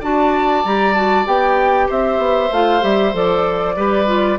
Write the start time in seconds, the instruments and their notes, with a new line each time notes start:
0.00 bassoon D4, clarinet F#4, oboe D5, flute A5
0.65 bassoon G3, clarinet G4, flute A#5
0.94 clarinet F#4, flute A5
1.25 bassoon B3, clarinet G4, flute G5
1.88 bassoon C4, oboe C5, flute E5
2.18 bassoon B3
2.51 bassoon A3, clarinet F4, flute F5
2.81 bassoon G3, clarinet G4, flute E5
3.13 bassoon F3, clarinet A4, flute D5
3.76 bassoon G3, clarinet G4, oboe B4
4.06 clarinet F4